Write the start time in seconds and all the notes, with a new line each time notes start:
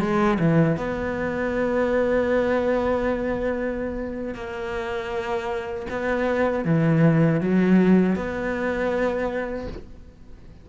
0.00 G#3
0.39 E3
0.77 B3
4.34 A#3
5.90 B3
6.65 E3
7.41 F#3
8.15 B3